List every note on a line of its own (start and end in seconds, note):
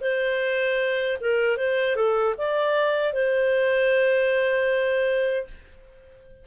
0.00 1.17 C5
1.20 1.57 A#4
1.57 1.95 C5
1.95 2.34 A4
2.37 3.13 D5
3.13 5.47 C5